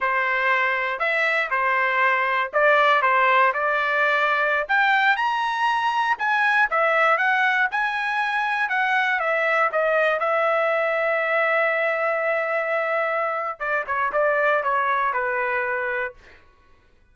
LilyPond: \new Staff \with { instrumentName = "trumpet" } { \time 4/4 \tempo 4 = 119 c''2 e''4 c''4~ | c''4 d''4 c''4 d''4~ | d''4~ d''16 g''4 ais''4.~ ais''16~ | ais''16 gis''4 e''4 fis''4 gis''8.~ |
gis''4~ gis''16 fis''4 e''4 dis''8.~ | dis''16 e''2.~ e''8.~ | e''2. d''8 cis''8 | d''4 cis''4 b'2 | }